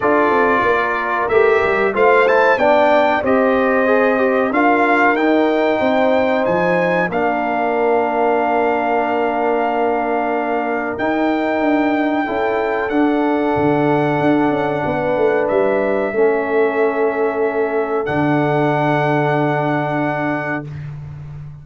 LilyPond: <<
  \new Staff \with { instrumentName = "trumpet" } { \time 4/4 \tempo 4 = 93 d''2 e''4 f''8 a''8 | g''4 dis''2 f''4 | g''2 gis''4 f''4~ | f''1~ |
f''4 g''2. | fis''1 | e''1 | fis''1 | }
  \new Staff \with { instrumentName = "horn" } { \time 4/4 a'4 ais'2 c''4 | d''4 c''2 ais'4~ | ais'4 c''2 ais'4~ | ais'1~ |
ais'2. a'4~ | a'2. b'4~ | b'4 a'2.~ | a'1 | }
  \new Staff \with { instrumentName = "trombone" } { \time 4/4 f'2 g'4 f'8 e'8 | d'4 g'4 gis'8 g'8 f'4 | dis'2. d'4~ | d'1~ |
d'4 dis'2 e'4 | d'1~ | d'4 cis'2. | d'1 | }
  \new Staff \with { instrumentName = "tuba" } { \time 4/4 d'8 c'8 ais4 a8 g8 a4 | b4 c'2 d'4 | dis'4 c'4 f4 ais4~ | ais1~ |
ais4 dis'4 d'4 cis'4 | d'4 d4 d'8 cis'8 b8 a8 | g4 a2. | d1 | }
>>